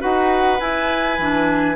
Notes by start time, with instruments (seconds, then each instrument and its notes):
0.00 bassoon D#4, clarinet F#4, oboe B4, flute F#5
0.60 clarinet E4, bassoon E4, flute G#5
1.19 bassoon E3, clarinet D4